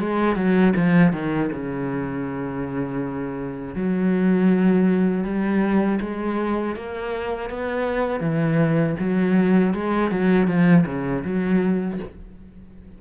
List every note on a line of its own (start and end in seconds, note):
0.00 0.36 G#3
0.36 0.74 F#3
0.76 1.13 F3
1.13 1.50 D#3
1.52 3.75 C#3
3.75 5.25 F#3
5.25 6.00 G3
6.01 6.76 G#3
6.76 7.50 A#3
7.50 8.21 B3
8.21 8.96 E3
9.00 9.74 F#3
9.74 10.11 G#3
10.11 10.48 F#3
10.48 10.85 F3
10.86 11.24 C#3
11.25 12.00 F#3